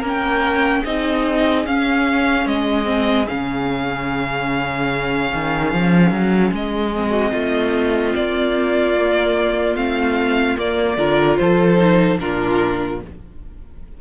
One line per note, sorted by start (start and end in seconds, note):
0.00 0.84 A#3
0.00 0.85 C#4
0.00 0.81 A#4
0.08 0.85 G5
0.81 1.66 C4
0.81 1.66 D#4
0.81 7.09 G#4
0.81 1.66 D#5
1.66 2.46 C#4
1.66 2.85 C#4
1.66 2.48 F5
2.46 3.27 G#3
2.46 3.28 D#5
2.85 3.26 C4
3.28 5.33 C#3
3.28 6.94 C#4
3.28 6.53 F5
5.34 5.73 D#3
5.73 6.11 F3
6.11 6.52 F#3
6.52 7.33 G#3
6.52 8.16 D#5
6.95 8.95 C4
7.11 7.31 F#4
7.32 8.15 A3
7.32 10.97 F4
8.16 9.77 A#3
8.16 9.77 D5
8.95 9.76 A#3
9.77 10.58 A3
9.77 10.58 C4
9.77 10.58 F5
10.58 10.98 A#3
10.58 11.37 D5
10.98 11.38 D3
10.98 11.78 F4
10.98 11.39 A#4
11.37 12.20 F3
11.37 12.21 A4
11.37 12.19 C5
11.78 12.19 D#4
12.20 13.01 A#2
12.20 13.01 D4
12.20 13.02 F4
12.20 13.01 A#4